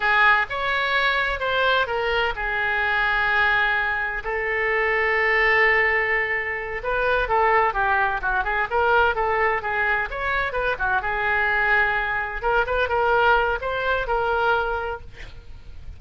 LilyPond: \new Staff \with { instrumentName = "oboe" } { \time 4/4 \tempo 4 = 128 gis'4 cis''2 c''4 | ais'4 gis'2.~ | gis'4 a'2.~ | a'2~ a'8 b'4 a'8~ |
a'8 g'4 fis'8 gis'8 ais'4 a'8~ | a'8 gis'4 cis''4 b'8 fis'8 gis'8~ | gis'2~ gis'8 ais'8 b'8 ais'8~ | ais'4 c''4 ais'2 | }